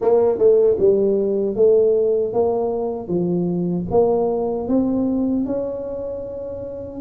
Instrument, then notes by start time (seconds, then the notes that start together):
tuba
0.01 A#3
0.38 A3
0.79 G3
1.55 A3
2.33 A#3
3.07 F3
3.90 A#3
4.68 C4
5.45 C#4